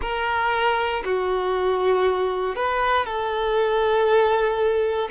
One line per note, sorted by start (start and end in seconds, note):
0.01 1.03 A#4
1.04 2.55 F#4
2.55 3.05 B4
3.05 5.08 A4